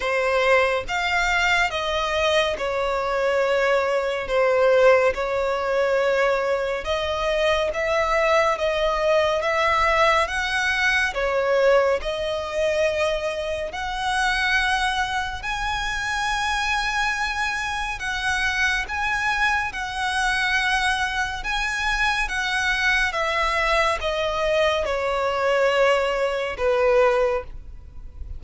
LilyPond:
\new Staff \with { instrumentName = "violin" } { \time 4/4 \tempo 4 = 70 c''4 f''4 dis''4 cis''4~ | cis''4 c''4 cis''2 | dis''4 e''4 dis''4 e''4 | fis''4 cis''4 dis''2 |
fis''2 gis''2~ | gis''4 fis''4 gis''4 fis''4~ | fis''4 gis''4 fis''4 e''4 | dis''4 cis''2 b'4 | }